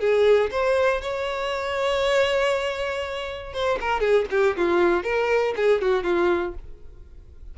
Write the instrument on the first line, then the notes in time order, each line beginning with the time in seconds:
violin
0.00 G#4
0.51 C5
1.02 C#5
3.54 C5
3.81 A#4
4.00 G#4
4.31 G4
4.57 F4
5.04 A#4
5.56 G#4
5.81 F#4
6.04 F4